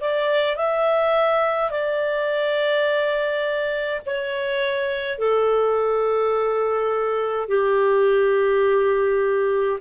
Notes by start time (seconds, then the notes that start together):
0.00 D5
0.57 E5
1.70 D5
4.06 C#5
5.18 A4
7.48 G4